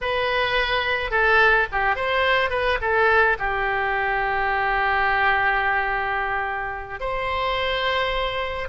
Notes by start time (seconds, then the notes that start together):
0.01 B4
1.10 A4
1.72 G4
1.95 C5
2.50 B4
2.81 A4
3.38 G4
7.00 C5